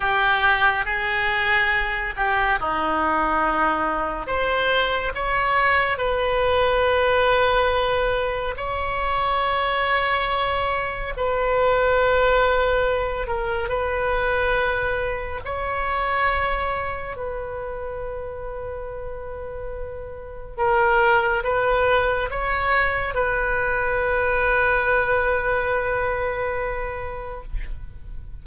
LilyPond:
\new Staff \with { instrumentName = "oboe" } { \time 4/4 \tempo 4 = 70 g'4 gis'4. g'8 dis'4~ | dis'4 c''4 cis''4 b'4~ | b'2 cis''2~ | cis''4 b'2~ b'8 ais'8 |
b'2 cis''2 | b'1 | ais'4 b'4 cis''4 b'4~ | b'1 | }